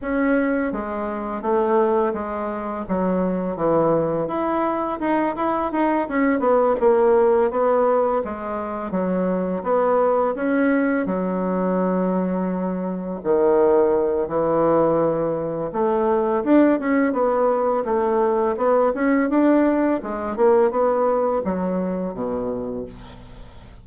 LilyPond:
\new Staff \with { instrumentName = "bassoon" } { \time 4/4 \tempo 4 = 84 cis'4 gis4 a4 gis4 | fis4 e4 e'4 dis'8 e'8 | dis'8 cis'8 b8 ais4 b4 gis8~ | gis8 fis4 b4 cis'4 fis8~ |
fis2~ fis8 dis4. | e2 a4 d'8 cis'8 | b4 a4 b8 cis'8 d'4 | gis8 ais8 b4 fis4 b,4 | }